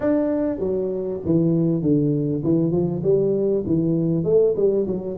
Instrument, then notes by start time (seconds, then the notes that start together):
tuba
0.00 D4
0.59 F#3
1.25 E3
1.82 D3
2.43 E3
2.71 F3
3.03 G3
3.66 E3
4.24 A3
4.56 G3
4.87 F#3